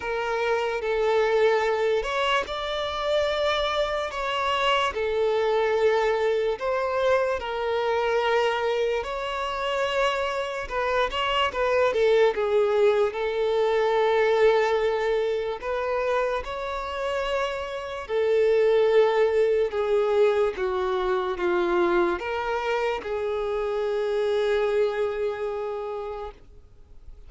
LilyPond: \new Staff \with { instrumentName = "violin" } { \time 4/4 \tempo 4 = 73 ais'4 a'4. cis''8 d''4~ | d''4 cis''4 a'2 | c''4 ais'2 cis''4~ | cis''4 b'8 cis''8 b'8 a'8 gis'4 |
a'2. b'4 | cis''2 a'2 | gis'4 fis'4 f'4 ais'4 | gis'1 | }